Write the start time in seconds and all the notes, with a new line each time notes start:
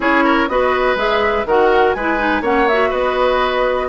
0.00 C#4 E4 G#4 C#5
0.24 A#4
0.48 B3 F#4 B4 D#5
0.95 G#3 G#4 E5
1.45 D#3 F#4 A#4 F#5
1.93 G#3 E4 B4 G#5
2.18 D#4
2.41 A#3 C#4 C#5 F#5
2.68 F#4 E5
2.89 B3 B4 D#5